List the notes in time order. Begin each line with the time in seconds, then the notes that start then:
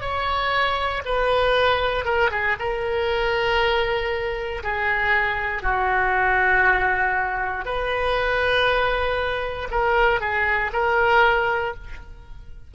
0.00 C#5
1.04 B4
2.04 A#4
2.30 G#4
2.59 A#4
4.63 G#4
5.62 F#4
7.65 B4
9.71 A#4
10.20 G#4
10.72 A#4